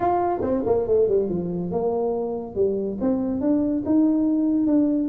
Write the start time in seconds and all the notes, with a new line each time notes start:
0.00 F4
0.42 C4
0.66 A#3
0.87 A3
1.08 G3
1.29 F3
1.71 A#3
2.55 G3
3.00 C4
3.40 D4
3.85 D#4
4.66 D4